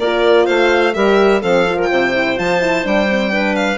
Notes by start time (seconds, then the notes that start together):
0.00 A#3 F4 A#4 D5
0.45 A3 C5 F5
0.94 G3 G4 A#4 E5
1.41 F3 C4 A4 F5
1.66 F4
1.76 A#4
1.83 G5
1.91 C3 C5
2.14 E4
2.37 F3 F4 A5
2.60 E4
2.84 G3 D4 G5
3.10 C4
3.31 D4 B4
3.56 F5